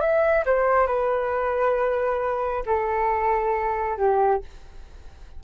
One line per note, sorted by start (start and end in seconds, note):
0.00 0.44 E5
0.45 0.87 C5
0.87 2.63 B4
2.66 3.97 A4
3.97 4.41 G4